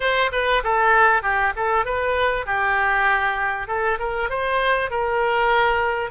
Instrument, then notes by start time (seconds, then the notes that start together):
oboe
0.00 C5
0.32 B4
0.63 A4
1.22 G4
1.56 A4
1.85 B4
2.46 G4
3.67 A4
3.99 A#4
4.29 C5
4.90 A#4